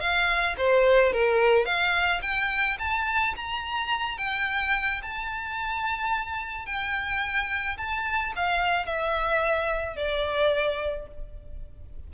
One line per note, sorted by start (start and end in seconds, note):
0.00 0.56 F5
0.57 1.12 C5
1.12 1.65 A#4
1.65 2.21 F5
2.22 2.77 G5
2.79 3.34 A5
3.36 4.18 A#5
4.18 5.01 G5
5.02 6.65 A5
6.65 7.77 G5
7.77 8.33 A5
8.36 8.86 F5
8.86 9.96 E5
9.96 11.07 D5